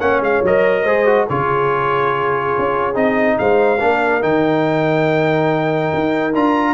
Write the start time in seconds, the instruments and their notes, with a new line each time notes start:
0.00 tuba A#3, trombone C#4, horn C#5, trumpet F#5
0.21 tuba G#3, trumpet F5
0.43 tuba F#3, trombone A#4, trumpet D#5
0.84 tuba G#3, trombone G#4, horn C5
1.06 trombone F#4
1.25 tuba C#3, trombone F4, horn G#4, trumpet C#5
2.59 tuba C#4
2.94 tuba C4, trombone D#4, trumpet D#5
3.39 tuba G#3, horn C5, trumpet F5
3.80 tuba A#3, trombone D4, horn A#4
4.22 tuba D#3, trombone D#4, trumpet G5
5.94 tuba D#4
6.35 tuba D4, trombone F4, trumpet A#5